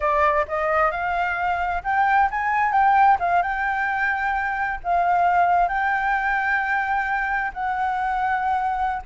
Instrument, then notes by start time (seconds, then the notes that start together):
flute
0.00 D5
0.47 D#5
0.91 F5
1.83 G5
2.30 G#5
2.71 G5
3.19 F5
3.42 G5
4.83 F5
5.68 G5
7.53 F#5